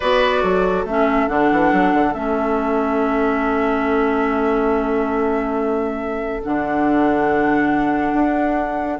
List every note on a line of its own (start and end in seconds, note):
0.00 0.43 B3
0.00 0.87 F#4
0.00 0.41 B4
0.00 0.84 D5
0.41 0.84 F#3
0.41 8.98 A4
0.84 1.27 A3
0.84 1.28 C#4
0.84 1.28 E5
1.28 1.50 D3
1.28 2.13 D4
1.28 2.13 F#5
1.51 1.72 E3
1.72 1.93 F#3
1.93 2.13 D3
2.13 6.42 A3
2.13 6.42 C#4
2.13 6.42 E5
6.43 8.13 D3
6.43 8.99 D4
6.43 8.99 F#5
8.13 8.98 D4